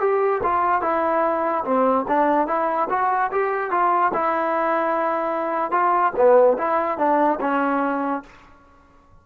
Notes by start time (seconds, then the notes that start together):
0.00 G4
0.43 F4
0.81 E4
1.64 C4
2.08 D4
2.47 E4
2.90 F#4
3.31 G4
3.71 F4
4.13 E4
5.71 F4
6.16 B3
6.58 E4
6.98 D4
7.40 C#4